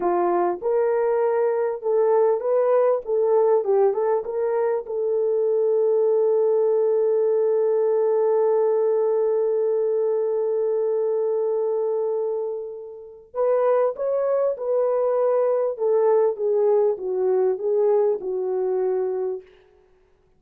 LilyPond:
\new Staff \with { instrumentName = "horn" } { \time 4/4 \tempo 4 = 99 f'4 ais'2 a'4 | b'4 a'4 g'8 a'8 ais'4 | a'1~ | a'1~ |
a'1~ | a'2 b'4 cis''4 | b'2 a'4 gis'4 | fis'4 gis'4 fis'2 | }